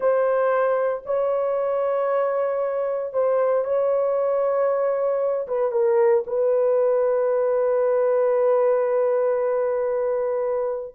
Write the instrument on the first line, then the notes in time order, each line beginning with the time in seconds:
horn
0.00 C5
1.05 C#5
3.13 C5
3.64 C#5
5.47 B4
5.71 A#4
6.27 B4